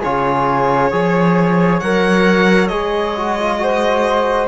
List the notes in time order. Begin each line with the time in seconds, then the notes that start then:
0.00 C#3 F4 G#4 C#5
0.91 F3 G#4 C#5
1.80 F#3 A#4 F#5
2.68 G#3 G#4 D#5
3.17 F#4
3.40 F4
3.59 F#4 C5